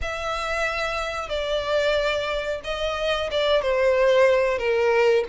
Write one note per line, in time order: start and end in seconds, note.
0.01 1.29 E5
1.29 2.60 D5
2.64 3.30 D#5
3.31 3.61 D5
3.61 4.58 C5
4.58 5.24 A#4